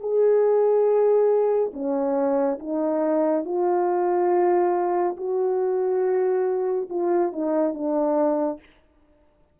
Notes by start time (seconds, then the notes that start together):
0.00 G#4
1.73 C#4
2.59 D#4
3.45 F4
5.17 F#4
6.89 F4
7.32 D#4
7.74 D4